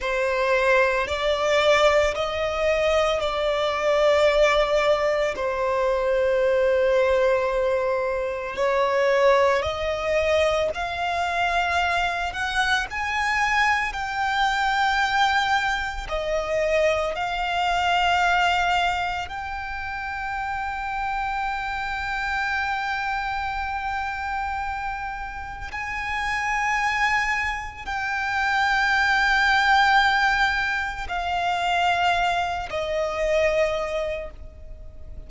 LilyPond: \new Staff \with { instrumentName = "violin" } { \time 4/4 \tempo 4 = 56 c''4 d''4 dis''4 d''4~ | d''4 c''2. | cis''4 dis''4 f''4. fis''8 | gis''4 g''2 dis''4 |
f''2 g''2~ | g''1 | gis''2 g''2~ | g''4 f''4. dis''4. | }